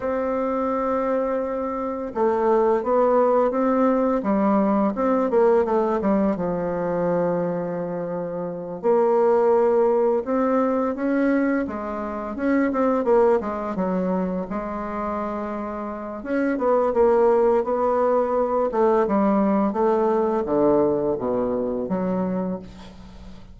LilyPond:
\new Staff \with { instrumentName = "bassoon" } { \time 4/4 \tempo 4 = 85 c'2. a4 | b4 c'4 g4 c'8 ais8 | a8 g8 f2.~ | f8 ais2 c'4 cis'8~ |
cis'8 gis4 cis'8 c'8 ais8 gis8 fis8~ | fis8 gis2~ gis8 cis'8 b8 | ais4 b4. a8 g4 | a4 d4 b,4 fis4 | }